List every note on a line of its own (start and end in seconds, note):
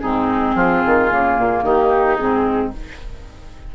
0.00 0.55 G#2
0.00 1.10 C4
0.00 0.56 D#4
0.00 1.64 G#4
0.55 0.83 F3
0.55 1.65 F4
0.86 1.12 D#3
1.10 1.37 C#3
1.10 2.19 A#3
1.37 1.63 A#2
1.63 2.17 D#3
1.63 2.74 D#4
1.63 2.16 G4
2.16 2.75 G#2
2.16 2.73 C4
2.16 2.71 G#4